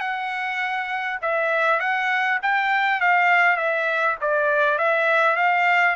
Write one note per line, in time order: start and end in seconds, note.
0.00 1.19 F#5
1.22 1.80 E5
1.80 2.39 F#5
2.42 3.01 G5
3.01 3.57 F5
3.57 4.16 E5
4.21 4.78 D5
4.78 5.36 E5
5.36 5.96 F5